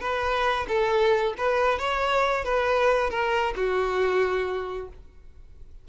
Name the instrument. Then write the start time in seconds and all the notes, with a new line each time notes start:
violin
0.00 B4
0.68 A4
1.37 B4
1.78 C#5
2.44 B4
3.10 A#4
3.56 F#4